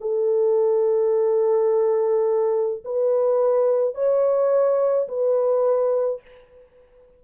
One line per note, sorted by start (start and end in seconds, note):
0.00 2.83 A4
2.85 3.94 B4
3.94 5.07 C#5
5.08 6.21 B4